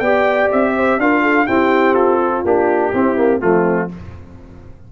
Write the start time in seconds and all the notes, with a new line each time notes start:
0.00 B3 G4 D5 G5
0.52 C4 E5
0.76 C5
0.98 D4 F4 A#4 F5
1.22 A4
1.47 C4 E4 G4 G5
1.95 F4 A4
2.21 F4
2.45 A#3 D4 G4
2.92 C4 E4
3.16 A#3
3.40 F3 A3 C4 F4